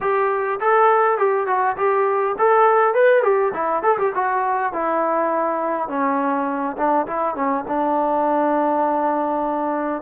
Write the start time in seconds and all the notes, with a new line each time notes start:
0.01 G4
0.60 A4
1.18 G4
1.47 F#4
1.76 G4
2.38 A4
2.94 B4
3.22 G4
3.53 E4
3.82 A4
3.98 G4
4.14 F#4
4.72 E4
5.88 C#4
6.77 D4
7.06 E4
7.35 C#4
7.67 D4